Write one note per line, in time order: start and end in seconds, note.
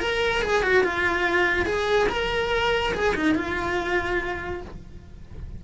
0.00 0.42 A#4
0.42 0.63 G#4
0.63 0.84 F#4
0.84 1.66 F4
1.66 2.08 G#4
2.09 2.93 A#4
2.94 3.15 G#4
3.15 3.35 D#4
3.35 4.61 F4